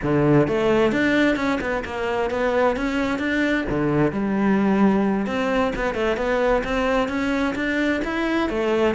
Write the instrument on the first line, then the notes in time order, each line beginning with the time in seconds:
cello
0.02 D3
0.47 A3
0.91 D4
1.36 C#4
1.60 B3
1.84 A#3
2.30 B3
2.76 C#4
3.18 D4
3.69 D3
4.12 G3
5.26 C4
5.75 B3
5.94 A3
6.16 B3
6.64 C4
7.08 C#4
7.55 D4
8.04 E4
8.49 A3